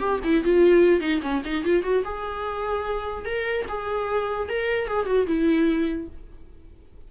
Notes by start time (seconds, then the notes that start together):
0.00 G4
0.24 E4
0.44 F4
1.01 D#4
1.23 C#4
1.45 D#4
1.65 F4
1.83 F#4
2.05 G#4
3.26 A#4
3.69 G#4
4.49 A#4
4.88 G#4
5.07 F#4
5.27 E4